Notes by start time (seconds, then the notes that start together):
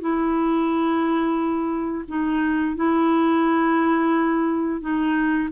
0.00 E4
2.08 D#4
2.76 E4
4.80 D#4